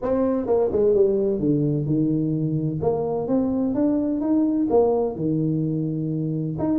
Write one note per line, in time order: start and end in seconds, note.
0.02 0.46 C4
0.46 0.70 A#3
0.72 0.94 G#3
0.94 1.39 G3
1.39 1.85 D3
1.85 2.79 D#3
2.81 3.27 A#3
3.27 3.74 C4
3.74 4.20 D4
4.20 4.67 D#4
4.69 5.15 A#3
5.15 6.56 D#3
6.59 6.79 D#4